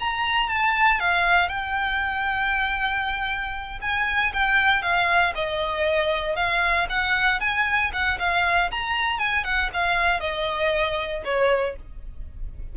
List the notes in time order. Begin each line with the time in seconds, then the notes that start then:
0.00 A#5
0.49 A5
1.00 F5
1.49 G5
3.82 G#5
4.34 G5
4.83 F5
5.35 D#5
6.36 F5
6.90 F#5
7.41 G#5
7.93 F#5
8.19 F5
8.71 A#5
9.19 G#5
9.44 F#5
9.74 F5
10.21 D#5
11.25 C#5